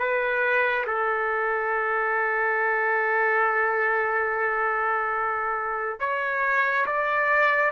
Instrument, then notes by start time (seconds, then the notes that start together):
trumpet
0.00 B4
0.87 A4
6.00 C#5
6.86 D5